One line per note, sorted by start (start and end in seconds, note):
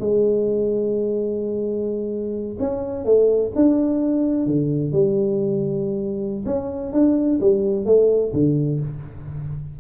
0.00 2.58 G#3
2.60 3.05 C#4
3.05 3.52 A3
3.56 4.47 D4
4.47 4.93 D3
4.93 6.45 G3
6.46 6.93 C#4
6.93 7.40 D4
7.40 7.86 G3
7.86 8.32 A3
8.34 8.80 D3